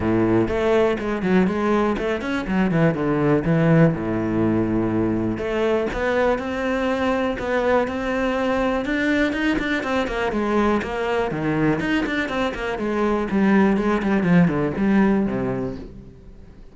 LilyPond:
\new Staff \with { instrumentName = "cello" } { \time 4/4 \tempo 4 = 122 a,4 a4 gis8 fis8 gis4 | a8 cis'8 fis8 e8 d4 e4 | a,2. a4 | b4 c'2 b4 |
c'2 d'4 dis'8 d'8 | c'8 ais8 gis4 ais4 dis4 | dis'8 d'8 c'8 ais8 gis4 g4 | gis8 g8 f8 d8 g4 c4 | }